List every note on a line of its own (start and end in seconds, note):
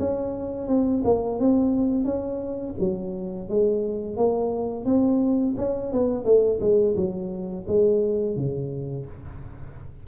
0.00 0.68 C#4
0.68 1.03 C4
1.05 1.40 A#3
1.40 2.05 C4
2.05 2.75 C#4
2.80 3.49 F#3
3.49 4.17 G#3
4.17 4.86 A#3
4.86 5.55 C4
5.58 5.92 C#4
5.93 6.25 B3
6.25 6.60 A3
6.61 6.96 G#3
6.96 7.66 F#3
7.68 8.37 G#3
8.37 9.06 C#3